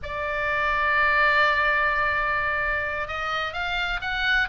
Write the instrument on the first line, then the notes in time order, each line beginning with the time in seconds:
oboe
0.02 D5
3.07 D#5
3.53 F5
4.01 F#5